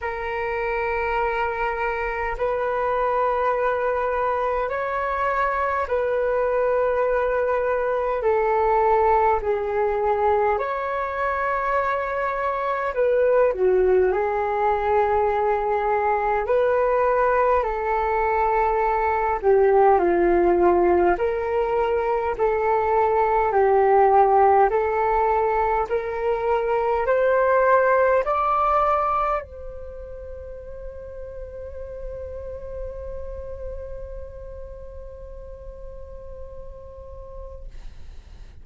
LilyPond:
\new Staff \with { instrumentName = "flute" } { \time 4/4 \tempo 4 = 51 ais'2 b'2 | cis''4 b'2 a'4 | gis'4 cis''2 b'8 fis'8 | gis'2 b'4 a'4~ |
a'8 g'8 f'4 ais'4 a'4 | g'4 a'4 ais'4 c''4 | d''4 c''2.~ | c''1 | }